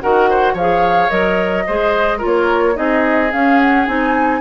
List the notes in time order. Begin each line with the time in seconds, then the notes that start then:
0.00 D#3 F#4 A#4 F#5
0.29 C5
0.53 F3 C#5 F5
0.59 G#4
1.09 F#3 A#4 D#5
1.67 G#3 G#4 C5
2.18 F4 A#4
2.24 A#3 C#5
2.74 C4 D#4 G#4 D#5
3.32 C#4 F5
3.59 F#5
3.86 C4 D#4 G#5